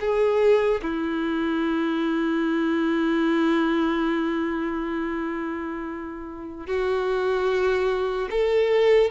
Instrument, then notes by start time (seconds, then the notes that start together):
violin
0.00 G#4
0.82 E4
6.67 F#4
8.31 A4